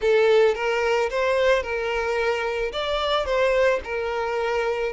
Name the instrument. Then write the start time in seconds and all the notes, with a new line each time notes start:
violin
0.01 A4
0.55 A#4
1.10 C5
1.62 A#4
2.72 D5
3.25 C5
3.83 A#4